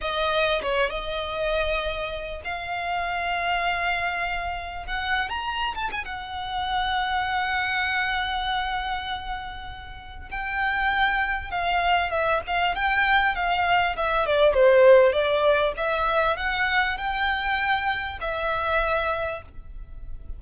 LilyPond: \new Staff \with { instrumentName = "violin" } { \time 4/4 \tempo 4 = 99 dis''4 cis''8 dis''2~ dis''8 | f''1 | fis''8. ais''8. a''16 gis''16 fis''2~ | fis''1~ |
fis''4 g''2 f''4 | e''8 f''8 g''4 f''4 e''8 d''8 | c''4 d''4 e''4 fis''4 | g''2 e''2 | }